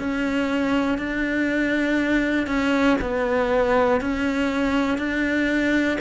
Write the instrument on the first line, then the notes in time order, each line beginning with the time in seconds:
cello
0.00 C#4
0.98 D4
2.47 C#4
3.02 B3
4.01 C#4
4.99 D4